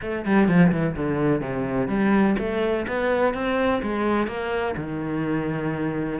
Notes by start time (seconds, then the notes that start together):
0.01 A3
0.25 G3
0.47 F3
0.71 E3
0.96 D3
1.41 C3
1.88 G3
2.38 A3
2.87 B3
3.34 C4
3.82 G#3
4.27 A#3
4.76 D#3